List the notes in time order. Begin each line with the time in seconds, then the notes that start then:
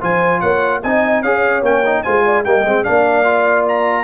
0.00 F3 F4 C5 G#5
0.40 A#3 C#5 F#5
0.83 C4 D#4 D#5 G#5
1.21 C#4 G#4 C#5 F5
1.62 A#3 C#4 G5
1.86 D#4
2.03 G#3 F4 C5 G#5
2.25 D5
2.44 G3 A#3 D#5 G5
2.65 G#3 C4
2.83 A#3 D4 D5 F5
3.24 F4
3.68 A#5